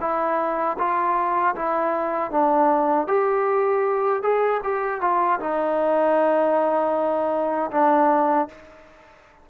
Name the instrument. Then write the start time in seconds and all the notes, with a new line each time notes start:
trombone
0.00 E4
0.78 F4
1.55 E4
2.31 D4
3.07 G4
4.22 G#4
4.63 G4
5.01 F4
5.40 D#4
7.71 D4